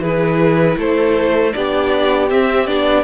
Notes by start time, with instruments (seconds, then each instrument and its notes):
0.00 cello E3, viola E4, violin G#4 B4
0.78 cello A3, violin A4 C5
1.53 cello B3, viola D4, violin G4 D5
2.30 cello C4, viola C4, violin E5
2.67 cello B3, viola D4, violin D5